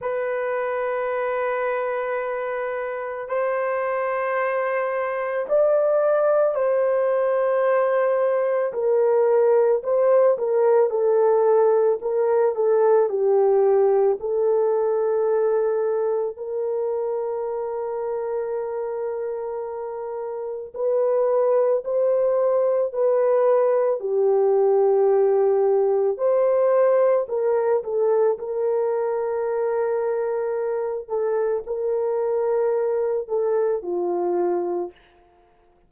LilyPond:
\new Staff \with { instrumentName = "horn" } { \time 4/4 \tempo 4 = 55 b'2. c''4~ | c''4 d''4 c''2 | ais'4 c''8 ais'8 a'4 ais'8 a'8 | g'4 a'2 ais'4~ |
ais'2. b'4 | c''4 b'4 g'2 | c''4 ais'8 a'8 ais'2~ | ais'8 a'8 ais'4. a'8 f'4 | }